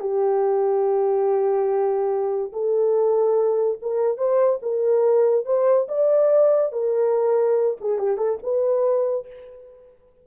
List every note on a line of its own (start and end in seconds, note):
0.00 2.52 G4
2.53 3.79 A4
3.82 4.17 A#4
4.17 4.59 C5
4.62 5.45 A#4
5.45 5.87 C5
5.88 6.72 D5
6.72 7.77 A#4
7.80 7.99 G#4
7.99 8.17 G4
8.17 8.38 A4
8.43 9.27 B4